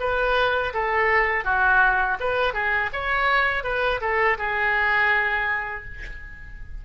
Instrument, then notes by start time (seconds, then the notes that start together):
oboe
0.00 B4
0.74 A4
1.44 F#4
2.20 B4
2.53 G#4
2.93 C#5
3.64 B4
4.01 A4
4.38 G#4